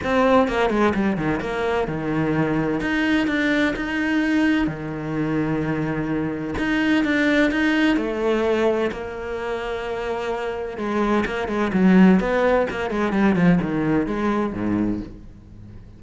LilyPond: \new Staff \with { instrumentName = "cello" } { \time 4/4 \tempo 4 = 128 c'4 ais8 gis8 g8 dis8 ais4 | dis2 dis'4 d'4 | dis'2 dis2~ | dis2 dis'4 d'4 |
dis'4 a2 ais4~ | ais2. gis4 | ais8 gis8 fis4 b4 ais8 gis8 | g8 f8 dis4 gis4 gis,4 | }